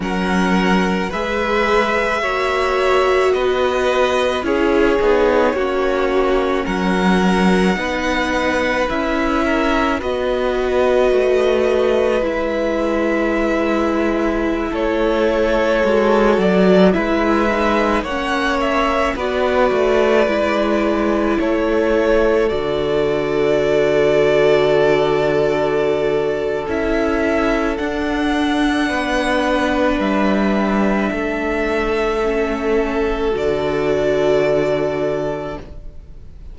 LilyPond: <<
  \new Staff \with { instrumentName = "violin" } { \time 4/4 \tempo 4 = 54 fis''4 e''2 dis''4 | cis''2 fis''2 | e''4 dis''2 e''4~ | e''4~ e''16 cis''4. d''8 e''8.~ |
e''16 fis''8 e''8 d''2 cis''8.~ | cis''16 d''2.~ d''8. | e''4 fis''2 e''4~ | e''2 d''2 | }
  \new Staff \with { instrumentName = "violin" } { \time 4/4 ais'4 b'4 cis''4 b'4 | gis'4 fis'4 ais'4 b'4~ | b'8 ais'8 b'2.~ | b'4~ b'16 a'2 b'8.~ |
b'16 cis''4 b'2 a'8.~ | a'1~ | a'2 b'2 | a'1 | }
  \new Staff \with { instrumentName = "viola" } { \time 4/4 cis'4 gis'4 fis'2 | e'8 dis'8 cis'2 dis'4 | e'4 fis'2 e'4~ | e'2~ e'16 fis'4 e'8 dis'16~ |
dis'16 cis'4 fis'4 e'4.~ e'16~ | e'16 fis'2.~ fis'8. | e'4 d'2.~ | d'4 cis'4 fis'2 | }
  \new Staff \with { instrumentName = "cello" } { \time 4/4 fis4 gis4 ais4 b4 | cis'8 b8 ais4 fis4 b4 | cis'4 b4 a4 gis4~ | gis4~ gis16 a4 gis8 fis8 gis8.~ |
gis16 ais4 b8 a8 gis4 a8.~ | a16 d2.~ d8. | cis'4 d'4 b4 g4 | a2 d2 | }
>>